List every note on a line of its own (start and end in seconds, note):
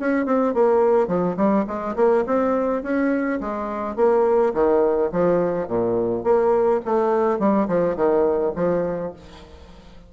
0.00 0.26 C#4
0.26 0.54 C4
0.54 1.08 A#3
1.08 1.37 F3
1.37 1.66 G3
1.68 1.96 G#3
1.96 2.25 A#3
2.27 2.83 C4
2.83 3.41 C#4
3.41 3.97 G#3
3.97 4.54 A#3
4.54 5.11 D#3
5.12 5.68 F3
5.68 6.24 A#2
6.24 6.81 A#3
6.86 7.40 A3
7.40 7.68 G3
7.69 7.97 F3
7.97 8.54 D#3
8.56 9.13 F3